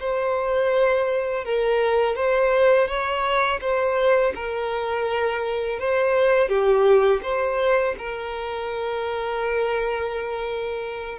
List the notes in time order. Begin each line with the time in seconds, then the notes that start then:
0.00 C5
1.45 A#4
2.16 C5
2.88 C#5
3.61 C5
4.35 A#4
5.80 C5
6.49 G4
7.23 C5
7.99 A#4